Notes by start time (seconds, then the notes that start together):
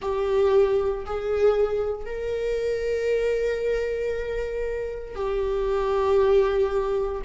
0.01 G4
1.05 G#4
2.05 A#4
5.14 G4